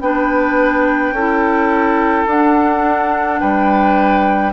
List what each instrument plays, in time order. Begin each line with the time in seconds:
0.00 bassoon B3, clarinet D4, oboe B4, flute G5
1.12 bassoon C#4, clarinet E4, oboe A4
2.27 bassoon D4, clarinet D4, flute F#5
3.40 bassoon G3, oboe B4, flute G5